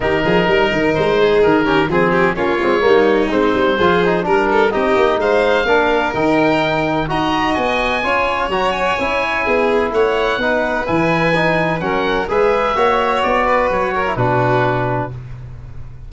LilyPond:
<<
  \new Staff \with { instrumentName = "oboe" } { \time 4/4 \tempo 4 = 127 ais'2 c''4 ais'4 | gis'4 cis''2 c''4~ | c''4 ais'4 dis''4 f''4~ | f''4 g''2 ais''4 |
gis''2 ais''8 gis''4.~ | gis''4 fis''2 gis''4~ | gis''4 fis''4 e''2 | d''4 cis''4 b'2 | }
  \new Staff \with { instrumentName = "violin" } { \time 4/4 g'8 gis'8 ais'4. gis'4 g'8 | gis'8 g'8 f'4 dis'2 | gis'4 ais'8 a'8 g'4 c''4 | ais'2. dis''4~ |
dis''4 cis''2. | gis'4 cis''4 b'2~ | b'4 ais'4 b'4 cis''4~ | cis''8 b'4 ais'8 fis'2 | }
  \new Staff \with { instrumentName = "trombone" } { \time 4/4 dis'2.~ dis'8 cis'8 | c'4 cis'8 c'8 ais4 c'4 | f'8 dis'8 d'4 dis'2 | d'4 dis'2 fis'4~ |
fis'4 f'4 fis'4 e'4~ | e'2 dis'4 e'4 | dis'4 cis'4 gis'4 fis'4~ | fis'4.~ fis'16 e'16 d'2 | }
  \new Staff \with { instrumentName = "tuba" } { \time 4/4 dis8 f8 g8 dis8 gis4 dis4 | f4 ais8 gis8 g4 gis8 g8 | f4 g4 c'8 ais8 gis4 | ais4 dis2 dis'4 |
b4 cis'4 fis4 cis'4 | b4 a4 b4 e4~ | e4 fis4 gis4 ais4 | b4 fis4 b,2 | }
>>